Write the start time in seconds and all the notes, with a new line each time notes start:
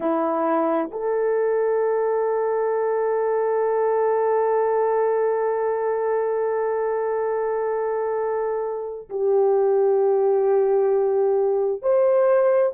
0.00 E4
0.91 A4
9.09 G4
11.82 C5